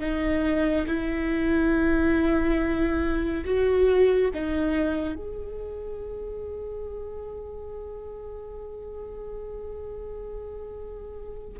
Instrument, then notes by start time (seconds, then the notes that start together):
viola
0.00 D#4
0.87 E4
3.45 F#4
4.34 D#4
5.15 G#4